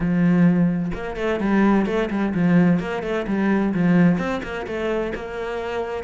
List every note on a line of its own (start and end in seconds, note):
0.00 0.91 F3
0.94 1.16 A#3
1.16 1.40 A3
1.40 1.86 G3
1.86 2.09 A3
2.10 2.33 G3
2.34 2.79 F3
2.79 3.02 A#3
3.03 3.26 A3
3.27 3.73 G3
3.74 4.18 F3
4.18 4.41 C4
4.43 4.66 A#3
4.66 5.13 A3
5.14 6.03 A#3